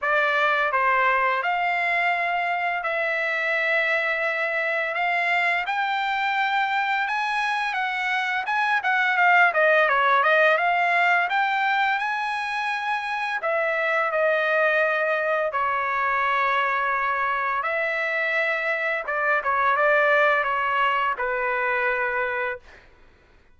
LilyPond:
\new Staff \with { instrumentName = "trumpet" } { \time 4/4 \tempo 4 = 85 d''4 c''4 f''2 | e''2. f''4 | g''2 gis''4 fis''4 | gis''8 fis''8 f''8 dis''8 cis''8 dis''8 f''4 |
g''4 gis''2 e''4 | dis''2 cis''2~ | cis''4 e''2 d''8 cis''8 | d''4 cis''4 b'2 | }